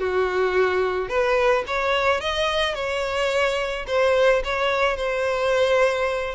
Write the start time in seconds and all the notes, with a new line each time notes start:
0.00 F#4
1.09 B4
1.68 C#5
2.21 D#5
2.75 C#5
3.88 C5
4.45 C#5
4.97 C5